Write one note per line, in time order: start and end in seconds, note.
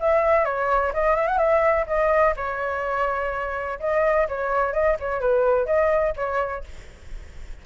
0.00 0.45 E5
0.45 0.93 C#5
0.94 1.16 D#5
1.16 1.27 E5
1.27 1.38 F#5
1.38 1.86 E5
1.87 2.35 D#5
2.37 3.79 C#5
3.80 4.27 D#5
4.29 4.73 C#5
4.73 4.97 D#5
5.00 5.21 C#5
5.21 5.66 B4
5.66 6.14 D#5
6.16 6.64 C#5